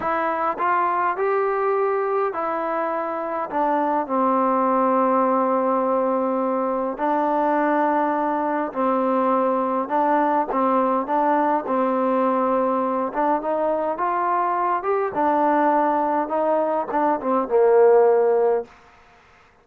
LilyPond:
\new Staff \with { instrumentName = "trombone" } { \time 4/4 \tempo 4 = 103 e'4 f'4 g'2 | e'2 d'4 c'4~ | c'1 | d'2. c'4~ |
c'4 d'4 c'4 d'4 | c'2~ c'8 d'8 dis'4 | f'4. g'8 d'2 | dis'4 d'8 c'8 ais2 | }